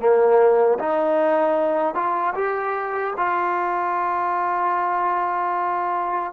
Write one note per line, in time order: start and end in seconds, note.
0.00 0.79 A#3
0.79 1.95 D#4
1.95 2.34 F4
2.35 3.14 G4
3.18 6.33 F4